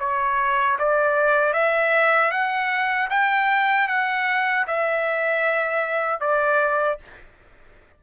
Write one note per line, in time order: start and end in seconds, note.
0.00 0.78 C#5
0.79 1.53 D5
1.53 2.31 E5
2.31 3.09 F#5
3.10 3.88 G5
3.88 4.66 F#5
4.68 6.21 E5
6.21 6.98 D5